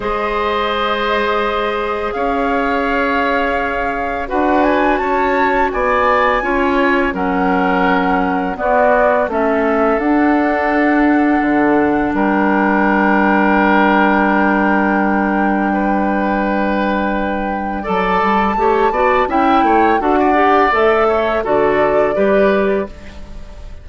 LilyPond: <<
  \new Staff \with { instrumentName = "flute" } { \time 4/4 \tempo 4 = 84 dis''2. f''4~ | f''2 fis''8 gis''8 a''4 | gis''2 fis''2 | d''4 e''4 fis''2~ |
fis''4 g''2.~ | g''1~ | g''4 a''2 g''4 | fis''4 e''4 d''2 | }
  \new Staff \with { instrumentName = "oboe" } { \time 4/4 c''2. cis''4~ | cis''2 b'4 cis''4 | d''4 cis''4 ais'2 | fis'4 a'2.~ |
a'4 ais'2.~ | ais'2 b'2~ | b'4 d''4 cis''8 d''8 e''8 cis''8 | a'16 d''4~ d''16 cis''8 a'4 b'4 | }
  \new Staff \with { instrumentName = "clarinet" } { \time 4/4 gis'1~ | gis'2 fis'2~ | fis'4 f'4 cis'2 | b4 cis'4 d'2~ |
d'1~ | d'1~ | d'4 a'4 g'8 fis'8 e'4 | fis'8 g'8 a'4 fis'4 g'4 | }
  \new Staff \with { instrumentName = "bassoon" } { \time 4/4 gis2. cis'4~ | cis'2 d'4 cis'4 | b4 cis'4 fis2 | b4 a4 d'2 |
d4 g2.~ | g1~ | g4 fis8 g8 a8 b8 cis'8 a8 | d'4 a4 d4 g4 | }
>>